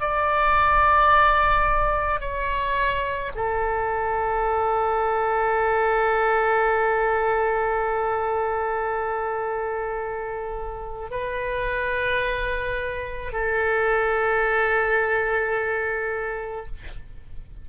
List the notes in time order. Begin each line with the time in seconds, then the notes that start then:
0.00 D5
2.21 C#5
3.35 A4
11.11 B4
13.33 A4